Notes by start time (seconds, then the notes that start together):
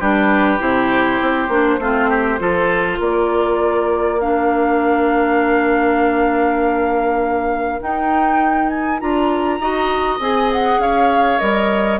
0.00 G3 D4 G4 B4
0.59 C3 E4 C5
1.21 C4
1.48 A#3 D4
1.79 A3 C4 F4
2.10 G4
2.39 F3 F4 A4
2.99 A#3 A#4 D5
4.21 D4 F5
7.80 D#4 G5
8.69 G#5
9.00 D4 F4 A#5
9.60 D#4 F#4 D#5
10.19 C4 G#4 G#5
10.53 F#5
10.78 C#4 C#5 F5
11.39 G3 A#4 D#5